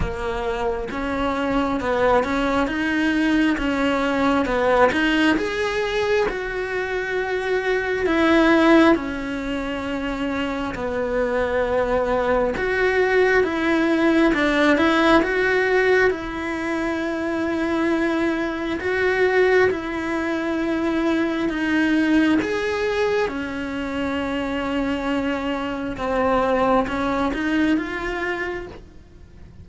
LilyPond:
\new Staff \with { instrumentName = "cello" } { \time 4/4 \tempo 4 = 67 ais4 cis'4 b8 cis'8 dis'4 | cis'4 b8 dis'8 gis'4 fis'4~ | fis'4 e'4 cis'2 | b2 fis'4 e'4 |
d'8 e'8 fis'4 e'2~ | e'4 fis'4 e'2 | dis'4 gis'4 cis'2~ | cis'4 c'4 cis'8 dis'8 f'4 | }